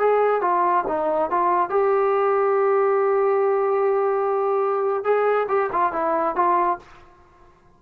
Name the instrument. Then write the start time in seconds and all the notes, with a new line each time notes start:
trombone
0.00 G#4
0.42 F4
0.88 D#4
1.31 F4
1.70 G4
5.04 G#4
5.49 G4
5.73 F4
5.93 E4
6.36 F4